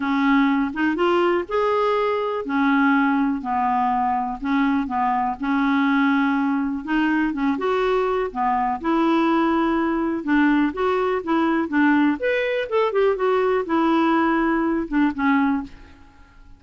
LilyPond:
\new Staff \with { instrumentName = "clarinet" } { \time 4/4 \tempo 4 = 123 cis'4. dis'8 f'4 gis'4~ | gis'4 cis'2 b4~ | b4 cis'4 b4 cis'4~ | cis'2 dis'4 cis'8 fis'8~ |
fis'4 b4 e'2~ | e'4 d'4 fis'4 e'4 | d'4 b'4 a'8 g'8 fis'4 | e'2~ e'8 d'8 cis'4 | }